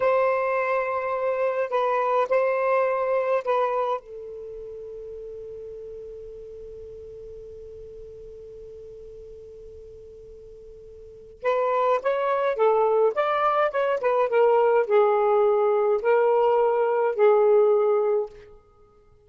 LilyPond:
\new Staff \with { instrumentName = "saxophone" } { \time 4/4 \tempo 4 = 105 c''2. b'4 | c''2 b'4 a'4~ | a'1~ | a'1~ |
a'1 | b'4 cis''4 a'4 d''4 | cis''8 b'8 ais'4 gis'2 | ais'2 gis'2 | }